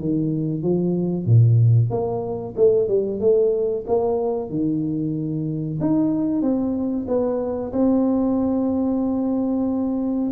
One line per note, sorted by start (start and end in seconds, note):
0.00 0.63 D#3
0.63 1.26 F3
1.26 1.91 A#2
1.91 2.55 A#3
2.57 2.89 A3
2.89 3.21 G3
3.21 3.85 A3
3.87 4.50 A#3
4.50 5.79 D#3
5.81 6.42 D#4
6.42 7.06 C4
7.08 7.73 B3
7.73 10.31 C4